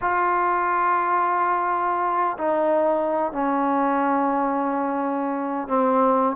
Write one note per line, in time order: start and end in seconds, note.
0.01 2.37 F4
2.38 3.32 D#4
3.32 5.68 C#4
5.68 6.36 C4